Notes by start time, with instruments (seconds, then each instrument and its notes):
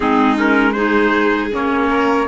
0.00 cello G#3, clarinet C4, violin D#4, trumpet G#4
0.36 clarinet C#4, trumpet A#4
0.72 clarinet D#4, violin G#4, trumpet C5
1.52 cello A#3, clarinet C#4, trumpet C#5
1.89 violin A#4